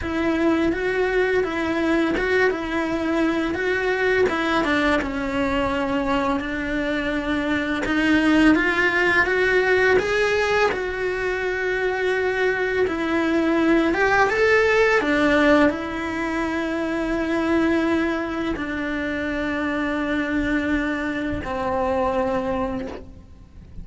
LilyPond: \new Staff \with { instrumentName = "cello" } { \time 4/4 \tempo 4 = 84 e'4 fis'4 e'4 fis'8 e'8~ | e'4 fis'4 e'8 d'8 cis'4~ | cis'4 d'2 dis'4 | f'4 fis'4 gis'4 fis'4~ |
fis'2 e'4. g'8 | a'4 d'4 e'2~ | e'2 d'2~ | d'2 c'2 | }